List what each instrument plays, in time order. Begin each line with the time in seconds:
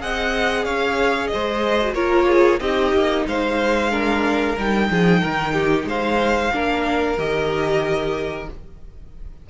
0.00 cello C4, viola G#4, violin D#5 F#5
0.64 cello C#4, violin C#5 F5
1.27 violin C5 D#5
1.34 cello G#3
1.81 viola F#4
1.94 cello A#3, viola F4, violin A#4 C#5
2.27 violin G#4
2.60 cello C4, viola D#4, violin G4 D#5
2.93 cello A#3
3.26 cello G#3, violin C5 F5
3.91 viola D4, violin A#4
4.57 cello G3, viola D#4, violin G5
4.90 cello F3, violin G#4
5.21 cello D#3, violin A#4
5.53 violin G4
5.84 cello G#3, violin C5 F5
6.51 cello A#3, viola D4, violin A#4
7.18 cello D#3, viola G4, violin D#5